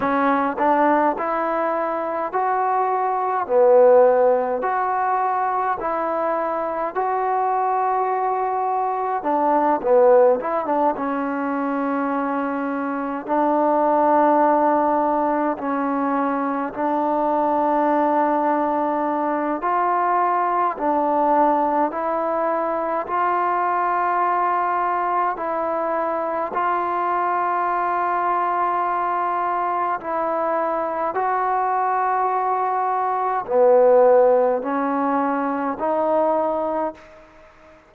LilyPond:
\new Staff \with { instrumentName = "trombone" } { \time 4/4 \tempo 4 = 52 cis'8 d'8 e'4 fis'4 b4 | fis'4 e'4 fis'2 | d'8 b8 e'16 d'16 cis'2 d'8~ | d'4. cis'4 d'4.~ |
d'4 f'4 d'4 e'4 | f'2 e'4 f'4~ | f'2 e'4 fis'4~ | fis'4 b4 cis'4 dis'4 | }